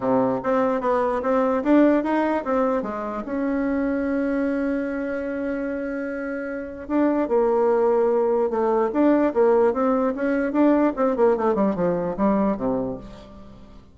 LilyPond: \new Staff \with { instrumentName = "bassoon" } { \time 4/4 \tempo 4 = 148 c4 c'4 b4 c'4 | d'4 dis'4 c'4 gis4 | cis'1~ | cis'1~ |
cis'4 d'4 ais2~ | ais4 a4 d'4 ais4 | c'4 cis'4 d'4 c'8 ais8 | a8 g8 f4 g4 c4 | }